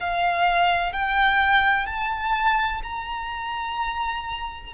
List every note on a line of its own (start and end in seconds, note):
0.00 0.92 F5
0.92 1.86 G5
1.86 2.81 A5
2.83 4.73 A#5